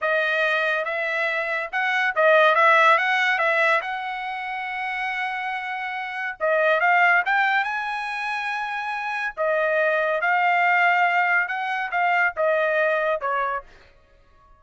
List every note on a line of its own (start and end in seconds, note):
0.01 0.85 D#5
0.85 1.70 E5
1.72 2.14 F#5
2.15 2.55 D#5
2.55 2.97 E5
2.97 3.38 F#5
3.38 3.80 E5
3.81 6.36 F#5
6.40 6.80 D#5
6.80 7.22 F5
7.25 7.64 G5
7.64 9.34 G#5
9.36 10.21 D#5
10.21 11.47 F5
11.47 11.90 F#5
11.91 12.33 F5
12.36 13.20 D#5
13.20 13.63 C#5